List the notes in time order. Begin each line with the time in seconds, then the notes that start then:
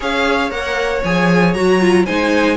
0.00 C#4 G#4 C#5 F5
0.50 A#3 A#4 F#5
1.04 F3 G#4 G#5
1.53 F#3 F#4 A#5
1.80 F4
2.05 G#3 D#4 C5 G#5